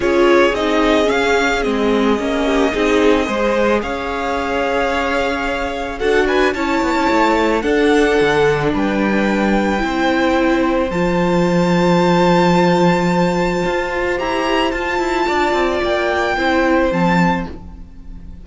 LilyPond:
<<
  \new Staff \with { instrumentName = "violin" } { \time 4/4 \tempo 4 = 110 cis''4 dis''4 f''4 dis''4~ | dis''2. f''4~ | f''2. fis''8 gis''8 | a''2 fis''2 |
g''1 | a''1~ | a''2 ais''4 a''4~ | a''4 g''2 a''4 | }
  \new Staff \with { instrumentName = "violin" } { \time 4/4 gis'1~ | gis'8 g'8 gis'4 c''4 cis''4~ | cis''2. a'8 b'8 | cis''2 a'2 |
b'2 c''2~ | c''1~ | c''1 | d''2 c''2 | }
  \new Staff \with { instrumentName = "viola" } { \time 4/4 f'4 dis'4 cis'4 c'4 | cis'4 dis'4 gis'2~ | gis'2. fis'4 | e'2 d'2~ |
d'2 e'2 | f'1~ | f'2 g'4 f'4~ | f'2 e'4 c'4 | }
  \new Staff \with { instrumentName = "cello" } { \time 4/4 cis'4 c'4 cis'4 gis4 | ais4 c'4 gis4 cis'4~ | cis'2. d'4 | cis'8 b16 cis'16 a4 d'4 d4 |
g2 c'2 | f1~ | f4 f'4 e'4 f'8 e'8 | d'8 c'8 ais4 c'4 f4 | }
>>